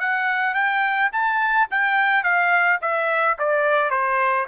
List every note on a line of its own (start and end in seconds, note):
0.00 0.55 F#5
0.55 1.11 G5
1.12 1.68 A5
1.71 2.24 G5
2.24 2.80 F5
2.82 3.38 E5
3.39 3.90 D5
3.90 4.47 C5